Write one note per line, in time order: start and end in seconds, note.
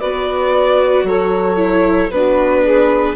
0.00 1.04 B3
0.00 1.57 F#4
0.00 1.05 B4
0.00 1.05 D5
1.04 2.09 F#3
1.04 2.11 A4
1.04 2.11 C#5
1.57 2.09 E4
2.11 3.16 B3
2.11 3.16 D4
2.11 2.64 F#4
2.11 3.16 B4
2.64 3.16 G#4